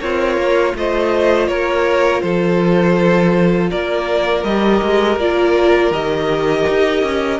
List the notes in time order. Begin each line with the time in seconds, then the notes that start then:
0.00 C4 F4 A#4 C#5
0.37 A#3
0.75 A3 F4 C5 D#5
1.48 A#3 A#4 C#5
2.21 F3 A4 C5
3.70 A#3 A#4 D5
4.44 G3 G4 D#5
4.82 G#3
5.17 A#3 F4 D5
5.91 D#3 G4 D#5
6.69 D#4
7.03 C#4